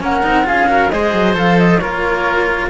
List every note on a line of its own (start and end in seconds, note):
0.00 0.22 A#3
0.00 0.22 C#4
0.00 0.47 A#4
0.00 0.48 F#5
0.22 0.49 C4
0.22 0.43 D#4
0.43 0.66 F4
0.43 0.69 G#4
0.43 0.90 F5
0.50 0.92 C#4
0.67 0.89 F#4
0.67 0.92 A#4
0.90 1.14 G#3
0.90 1.34 G#4
0.90 1.82 C5
0.90 1.35 D#5
1.14 1.35 F#3
1.34 1.80 F3
1.34 1.79 A4
1.34 1.58 F5
1.58 1.79 D#5
1.79 2.70 A#3
1.79 2.70 F4
1.79 2.70 A#4
1.79 2.69 C#5